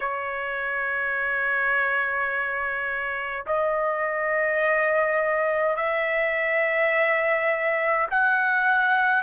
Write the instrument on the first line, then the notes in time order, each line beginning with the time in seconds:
trumpet
0.00 C#5
3.46 D#5
5.76 E5
8.10 F#5